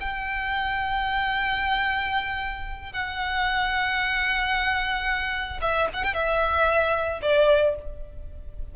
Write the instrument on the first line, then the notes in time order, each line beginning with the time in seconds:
violin
0.00 G5
2.92 F#5
5.61 E5
5.93 F#5
6.04 G5
6.13 E5
7.22 D5